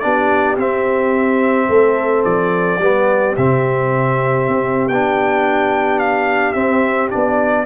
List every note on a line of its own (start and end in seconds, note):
0.00 0.58 B3
0.00 0.58 D4
0.00 1.70 G4
0.00 0.56 D5
0.58 1.69 C4
0.58 2.81 C4
0.58 2.25 E5
1.69 2.25 A3
1.69 2.81 A4
2.25 2.79 F3
2.25 3.36 D5
2.79 3.35 G3
2.79 3.37 B3
2.79 7.67 G4
3.37 4.48 C3
3.37 4.91 C4
3.37 4.89 E5
4.48 4.89 C4
4.89 6.56 B3
4.89 6.55 D4
4.89 6.00 G5
6.00 6.53 F5
6.53 7.11 C4
6.53 7.09 E5
7.11 7.67 B3
7.11 7.66 D4
7.11 7.67 D5